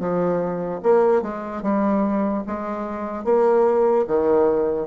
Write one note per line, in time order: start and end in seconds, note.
0.00 0.81 F3
0.83 1.22 A#3
1.22 1.63 G#3
1.63 2.44 G3
2.47 3.25 G#3
3.25 4.06 A#3
4.08 4.88 D#3